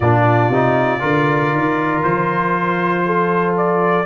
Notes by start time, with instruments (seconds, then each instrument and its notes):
0.00 tuba A#2, trombone D4, horn F4, trumpet D5
0.48 tuba C3, trombone D#4
0.99 tuba D3, trombone F4, horn A#4
1.52 tuba D#3
2.03 tuba F3, trumpet C5
3.06 horn A4
3.56 trumpet D5